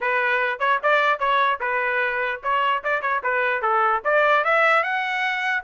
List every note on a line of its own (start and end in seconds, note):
0.01 0.59 B4
0.59 0.79 C#5
0.82 1.19 D5
1.19 1.59 C#5
1.60 2.41 B4
2.43 2.83 C#5
2.83 3.01 D5
3.01 3.21 C#5
3.23 3.61 B4
3.61 4.02 A4
4.04 4.44 D5
4.44 4.83 E5
4.83 5.63 F#5